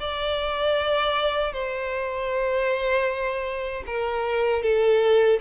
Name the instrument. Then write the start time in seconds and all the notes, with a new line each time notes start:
violin
0.00 D5
1.53 C5
3.87 A#4
4.63 A4